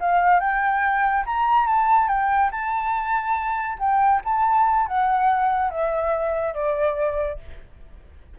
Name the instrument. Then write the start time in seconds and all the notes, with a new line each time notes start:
flute
0.00 F5
0.40 G5
1.26 A#5
1.67 A5
2.08 G5
2.52 A5
3.79 G5
4.24 A5
4.87 F#5
5.70 E5
6.54 D5